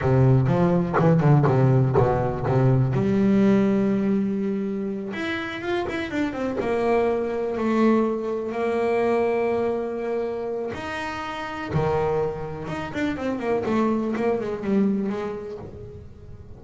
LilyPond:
\new Staff \with { instrumentName = "double bass" } { \time 4/4 \tempo 4 = 123 c4 f4 e8 d8 c4 | b,4 c4 g2~ | g2~ g8 e'4 f'8 | e'8 d'8 c'8 ais2 a8~ |
a4. ais2~ ais8~ | ais2 dis'2 | dis2 dis'8 d'8 c'8 ais8 | a4 ais8 gis8 g4 gis4 | }